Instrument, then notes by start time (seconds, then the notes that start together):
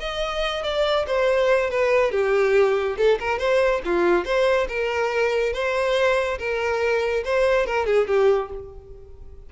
violin
0.00 D#5
0.64 D5
1.07 C5
1.70 B4
2.12 G4
2.98 A4
3.20 A#4
3.39 C5
3.85 F4
4.25 C5
4.69 A#4
5.54 C5
6.39 A#4
7.25 C5
7.67 A#4
7.86 G#4
8.08 G4